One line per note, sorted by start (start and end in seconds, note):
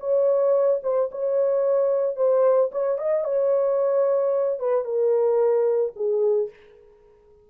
0.00 0.81 C#5
0.83 1.10 C5
1.12 2.17 C#5
2.17 2.71 C5
2.72 2.99 C#5
2.99 3.25 D#5
3.25 4.60 C#5
4.60 4.85 B4
4.85 5.93 A#4
5.96 6.50 G#4